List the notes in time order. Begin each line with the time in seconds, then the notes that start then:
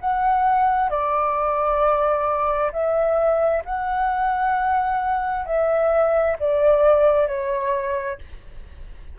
0.00 F#5
0.89 D5
2.72 E5
3.65 F#5
5.45 E5
6.39 D5
7.27 C#5